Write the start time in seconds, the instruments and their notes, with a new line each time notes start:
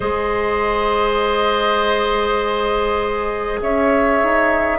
0.00 bassoon G#3, clarinet G#4, oboe C5, flute D#5
3.62 bassoon C#4, oboe C#5, flute E5
4.22 bassoon D#4